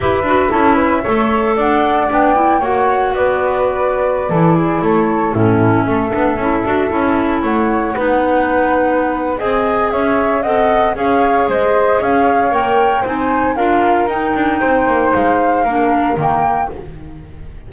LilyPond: <<
  \new Staff \with { instrumentName = "flute" } { \time 4/4 \tempo 4 = 115 e''2. fis''4 | g''4 fis''4 d''2~ | d''4~ d''16 cis''4 a'4 e''8.~ | e''2~ e''16 fis''4.~ fis''16~ |
fis''2 gis''4 e''4 | fis''4 f''4 dis''4 f''4 | g''4 gis''4 f''4 g''4~ | g''4 f''2 g''4 | }
  \new Staff \with { instrumentName = "flute" } { \time 4/4 b'4 a'8 b'8 cis''4 d''4~ | d''4 cis''4 b'2~ | b'16 a'8 gis'8 a'4 e'4 a'8.~ | a'2~ a'16 cis''4 b'8.~ |
b'2 dis''4 cis''4 | dis''4 cis''4 c''4 cis''4~ | cis''4 c''4 ais'2 | c''2 ais'2 | }
  \new Staff \with { instrumentName = "clarinet" } { \time 4/4 g'8 fis'8 e'4 a'2 | d'8 e'8 fis'2.~ | fis'16 e'2 cis'4. d'16~ | d'16 e'8 fis'8 e'2 dis'8.~ |
dis'2 gis'2 | a'4 gis'2. | ais'4 dis'4 f'4 dis'4~ | dis'2 d'4 ais4 | }
  \new Staff \with { instrumentName = "double bass" } { \time 4/4 e'8 d'8 cis'4 a4 d'4 | b4 ais4 b2~ | b16 e4 a4 a,4 a8 b16~ | b16 cis'8 d'8 cis'4 a4 b8.~ |
b2 c'4 cis'4 | c'4 cis'4 gis4 cis'4 | ais4 c'4 d'4 dis'8 d'8 | c'8 ais8 gis4 ais4 dis4 | }
>>